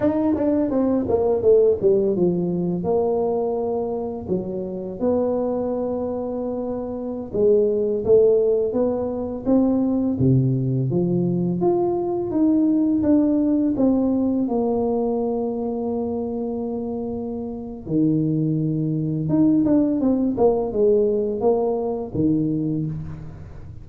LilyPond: \new Staff \with { instrumentName = "tuba" } { \time 4/4 \tempo 4 = 84 dis'8 d'8 c'8 ais8 a8 g8 f4 | ais2 fis4 b4~ | b2~ b16 gis4 a8.~ | a16 b4 c'4 c4 f8.~ |
f16 f'4 dis'4 d'4 c'8.~ | c'16 ais2.~ ais8.~ | ais4 dis2 dis'8 d'8 | c'8 ais8 gis4 ais4 dis4 | }